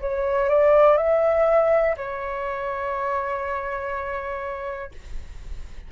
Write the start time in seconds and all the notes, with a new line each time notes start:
0.00 C#5
0.49 D5
0.97 E5
1.97 C#5